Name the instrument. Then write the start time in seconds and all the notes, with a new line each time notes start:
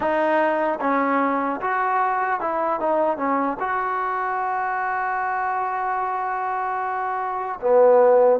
trombone
0.00 D#4
0.80 C#4
1.60 F#4
2.40 E4
2.80 D#4
3.17 C#4
3.59 F#4
7.60 B3